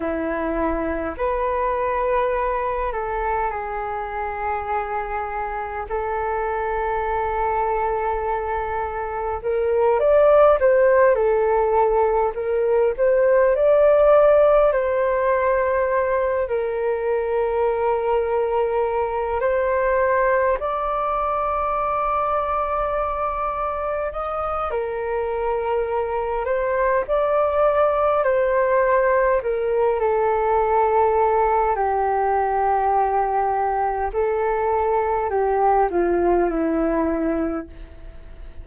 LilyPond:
\new Staff \with { instrumentName = "flute" } { \time 4/4 \tempo 4 = 51 e'4 b'4. a'8 gis'4~ | gis'4 a'2. | ais'8 d''8 c''8 a'4 ais'8 c''8 d''8~ | d''8 c''4. ais'2~ |
ais'8 c''4 d''2~ d''8~ | d''8 dis''8 ais'4. c''8 d''4 | c''4 ais'8 a'4. g'4~ | g'4 a'4 g'8 f'8 e'4 | }